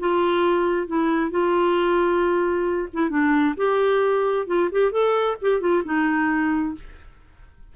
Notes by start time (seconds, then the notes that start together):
0.00 F4
0.88 E4
1.31 F4
2.94 E4
3.10 D4
3.57 G4
4.47 F4
4.72 G4
4.92 A4
5.42 G4
5.61 F4
5.85 D#4